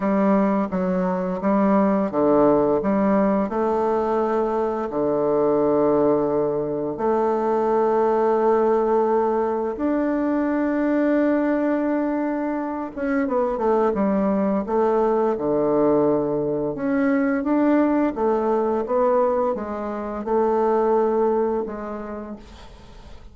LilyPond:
\new Staff \with { instrumentName = "bassoon" } { \time 4/4 \tempo 4 = 86 g4 fis4 g4 d4 | g4 a2 d4~ | d2 a2~ | a2 d'2~ |
d'2~ d'8 cis'8 b8 a8 | g4 a4 d2 | cis'4 d'4 a4 b4 | gis4 a2 gis4 | }